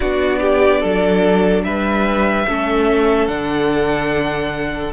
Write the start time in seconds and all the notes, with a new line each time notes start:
0.00 B3 D4 F#4 D5
0.40 G4
0.80 F#3 A4
1.64 G3 B4 E5
2.47 A3 C#4 A4
3.27 D3 D4 F#5